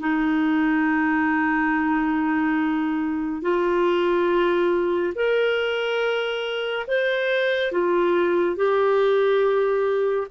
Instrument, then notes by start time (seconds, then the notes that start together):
clarinet
0.00 D#4
3.42 F4
5.15 A#4
6.87 C5
7.72 F4
8.56 G4